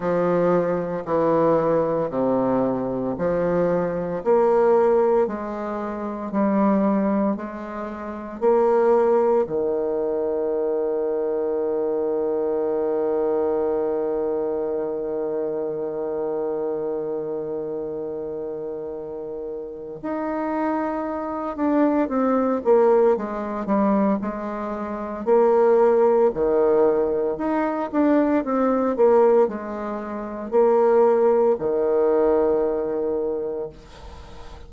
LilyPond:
\new Staff \with { instrumentName = "bassoon" } { \time 4/4 \tempo 4 = 57 f4 e4 c4 f4 | ais4 gis4 g4 gis4 | ais4 dis2.~ | dis1~ |
dis2. dis'4~ | dis'8 d'8 c'8 ais8 gis8 g8 gis4 | ais4 dis4 dis'8 d'8 c'8 ais8 | gis4 ais4 dis2 | }